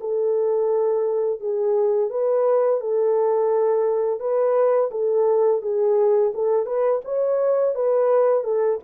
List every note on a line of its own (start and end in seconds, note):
0.00 1.40 A4
1.40 2.10 G#4
2.10 2.80 B4
2.80 4.20 A4
4.20 4.90 B4
4.91 5.61 A4
5.62 6.32 G#4
6.34 6.66 A4
6.66 7.01 B4
7.05 7.75 C#5
7.75 8.44 B4
8.44 8.79 A4